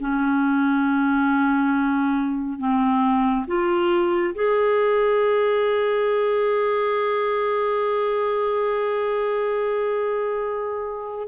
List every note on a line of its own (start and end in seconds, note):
0.00 2.59 C#4
2.59 3.46 C4
3.47 4.34 F4
4.35 11.28 G#4